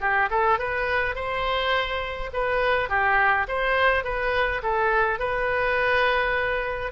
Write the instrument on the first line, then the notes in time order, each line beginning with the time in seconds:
oboe
0.00 G4
0.30 A4
0.59 B4
1.15 C5
2.33 B4
2.89 G4
3.47 C5
4.04 B4
4.63 A4
5.19 B4